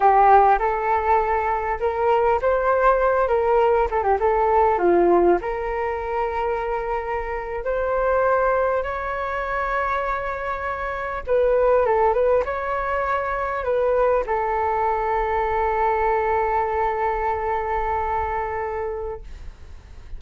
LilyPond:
\new Staff \with { instrumentName = "flute" } { \time 4/4 \tempo 4 = 100 g'4 a'2 ais'4 | c''4. ais'4 a'16 g'16 a'4 | f'4 ais'2.~ | ais'8. c''2 cis''4~ cis''16~ |
cis''2~ cis''8. b'4 a'16~ | a'16 b'8 cis''2 b'4 a'16~ | a'1~ | a'1 | }